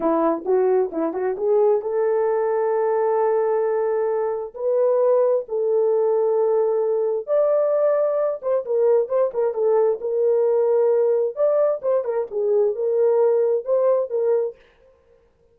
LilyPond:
\new Staff \with { instrumentName = "horn" } { \time 4/4 \tempo 4 = 132 e'4 fis'4 e'8 fis'8 gis'4 | a'1~ | a'2 b'2 | a'1 |
d''2~ d''8 c''8 ais'4 | c''8 ais'8 a'4 ais'2~ | ais'4 d''4 c''8 ais'8 gis'4 | ais'2 c''4 ais'4 | }